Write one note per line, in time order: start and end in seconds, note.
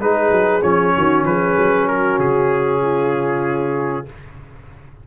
0.00 0.31 G#3
0.00 0.62 D#4
0.00 0.95 G#4
0.00 0.61 B4
0.31 0.62 F#3
0.61 0.93 F3
0.61 4.05 C#4
0.61 1.24 C#5
0.95 1.24 D#3
0.95 1.26 F#4
1.24 1.55 F3
1.24 1.89 G#4
1.24 1.87 B4
1.57 2.18 F#3
1.87 2.81 F#4
1.87 2.19 A#4
2.18 4.06 C#3
2.18 4.07 G#4
2.81 4.06 F4